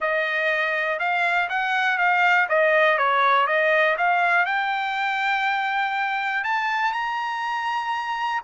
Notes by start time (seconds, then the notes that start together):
0.00 D#5
0.99 F5
1.49 F#5
1.98 F5
2.48 D#5
2.98 C#5
3.47 D#5
3.97 F5
4.45 G5
6.44 A5
6.92 A#5